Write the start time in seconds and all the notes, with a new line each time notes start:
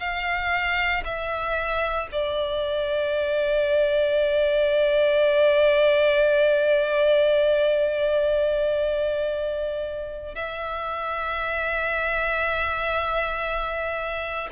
0.00 F5
1.04 E5
2.12 D5
10.35 E5